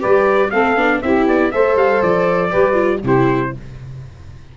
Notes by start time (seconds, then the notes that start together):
0.00 G3 G4 B4 D5
0.51 A3 C4 A4 F5
0.77 B3 D4
1.02 C4 E4 G4 E5
1.27 B3 D5
1.52 A3 A4 C5 E5
1.76 G3 F5
2.03 F3 D5
2.50 G3 G4 B4
2.74 F4
3.03 C3 E4 G4 C5